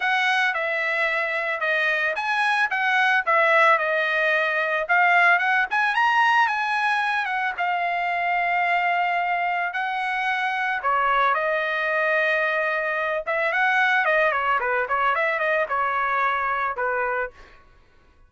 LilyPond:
\new Staff \with { instrumentName = "trumpet" } { \time 4/4 \tempo 4 = 111 fis''4 e''2 dis''4 | gis''4 fis''4 e''4 dis''4~ | dis''4 f''4 fis''8 gis''8 ais''4 | gis''4. fis''8 f''2~ |
f''2 fis''2 | cis''4 dis''2.~ | dis''8 e''8 fis''4 dis''8 cis''8 b'8 cis''8 | e''8 dis''8 cis''2 b'4 | }